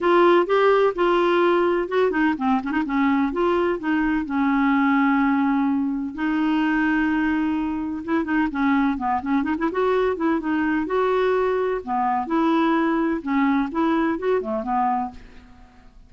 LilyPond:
\new Staff \with { instrumentName = "clarinet" } { \time 4/4 \tempo 4 = 127 f'4 g'4 f'2 | fis'8 dis'8 c'8 cis'16 dis'16 cis'4 f'4 | dis'4 cis'2.~ | cis'4 dis'2.~ |
dis'4 e'8 dis'8 cis'4 b8 cis'8 | dis'16 e'16 fis'4 e'8 dis'4 fis'4~ | fis'4 b4 e'2 | cis'4 e'4 fis'8 a8 b4 | }